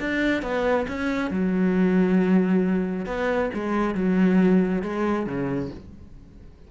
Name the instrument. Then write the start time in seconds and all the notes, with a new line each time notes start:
cello
0.00 D4
0.42 B3
0.88 C#4
1.31 F#3
3.06 B3
3.54 G#3
3.95 F#3
4.82 G#3
5.26 C#3